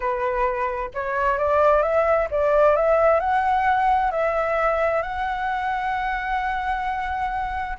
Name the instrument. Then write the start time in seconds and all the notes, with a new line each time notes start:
flute
0.00 B4
0.94 C#5
1.38 D5
1.82 E5
2.30 D5
2.76 E5
3.20 F#5
4.11 E5
5.02 F#5